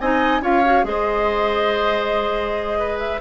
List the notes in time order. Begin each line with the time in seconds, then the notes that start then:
0.00 C4 D#4 D#5 G#5
0.42 C#4 F4 C#5 F5
0.66 F#4
0.84 G#3 G#4 C5 D#5
2.80 B4
2.99 E5